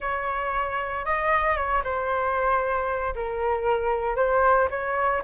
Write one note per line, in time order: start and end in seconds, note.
0.00 1.05 C#5
1.05 1.56 D#5
1.56 1.82 C#5
1.84 3.14 C5
3.15 4.16 A#4
4.16 4.68 C5
4.70 5.22 C#5